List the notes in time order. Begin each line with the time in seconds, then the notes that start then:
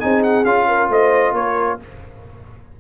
0.00 C4 D#4 G#4 G#5
0.23 F#5
0.45 C#4 F4 F5
0.68 A#4
0.89 A3 C5 D#5
1.32 A#3 A#4 C#5